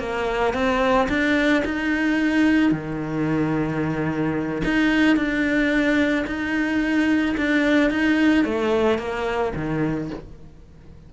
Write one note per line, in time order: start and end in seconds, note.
0.00 0.54 A#3
0.54 1.08 C4
1.09 1.63 D4
1.65 2.72 D#4
2.72 4.63 D#3
4.65 5.16 D#4
5.16 6.26 D4
6.27 7.36 D#4
7.37 7.91 D4
7.91 8.45 D#4
8.45 8.99 A3
8.99 9.53 A#3
9.56 10.10 D#3